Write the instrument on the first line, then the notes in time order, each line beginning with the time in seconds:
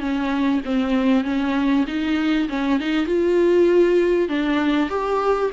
viola
0.00 C#4
0.65 C4
1.24 C#4
1.87 D#4
2.49 C#4
2.80 D#4
3.06 F4
4.29 D4
4.90 G4